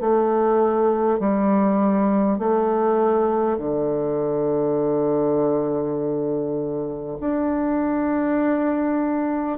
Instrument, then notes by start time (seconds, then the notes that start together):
bassoon
0.00 A3
1.19 G3
2.39 A3
3.58 D3
7.21 D4